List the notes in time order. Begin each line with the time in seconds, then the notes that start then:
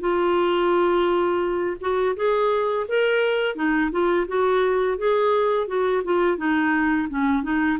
0.00 F4
1.81 F#4
2.16 G#4
2.88 A#4
3.55 D#4
3.91 F4
4.28 F#4
4.98 G#4
5.67 F#4
6.04 F4
6.37 D#4
7.09 C#4
7.43 D#4